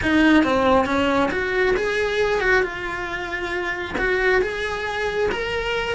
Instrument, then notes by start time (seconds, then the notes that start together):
cello
0.02 D#4
0.44 C4
0.85 C#4
1.31 F#4
1.76 G#4
2.40 F#4
2.62 F4
3.98 F#4
4.41 G#4
5.31 A#4